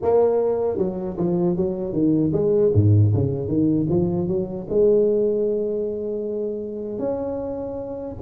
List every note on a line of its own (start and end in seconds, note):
0.02 0.77 A#3
0.77 1.16 F#3
1.17 1.56 F3
1.56 1.93 F#3
1.93 2.32 D#3
2.32 2.71 G#3
2.73 3.12 G#2
3.13 3.47 C#3
3.47 3.86 D#3
3.89 4.27 F3
4.27 4.66 F#3
4.69 6.98 G#3
6.98 8.15 C#4